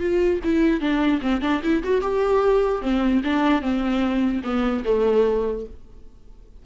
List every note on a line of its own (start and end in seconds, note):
0.00 0.40 F4
0.44 0.81 E4
0.81 1.21 D4
1.22 1.42 C4
1.42 1.62 D4
1.63 1.83 E4
1.84 2.02 F#4
2.02 2.82 G4
2.82 3.22 C4
3.24 3.62 D4
3.62 4.43 C4
4.44 4.84 B3
4.85 5.66 A3